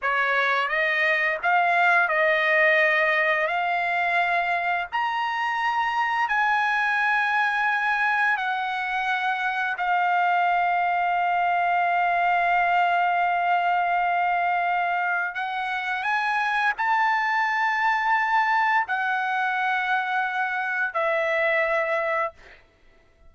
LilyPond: \new Staff \with { instrumentName = "trumpet" } { \time 4/4 \tempo 4 = 86 cis''4 dis''4 f''4 dis''4~ | dis''4 f''2 ais''4~ | ais''4 gis''2. | fis''2 f''2~ |
f''1~ | f''2 fis''4 gis''4 | a''2. fis''4~ | fis''2 e''2 | }